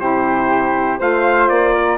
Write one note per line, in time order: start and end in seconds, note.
0.00 0.99 C3
0.00 0.98 E4
0.00 0.99 G4
0.00 0.99 C5
0.98 1.50 A3
0.98 1.98 F4
0.98 1.74 C5
0.98 1.49 F5
1.49 1.98 A#3
1.49 1.98 D5
1.74 1.98 A#4